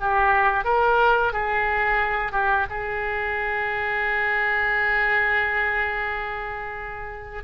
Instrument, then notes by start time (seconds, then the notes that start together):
oboe
0.00 G4
0.65 A#4
1.33 G#4
2.32 G4
2.70 G#4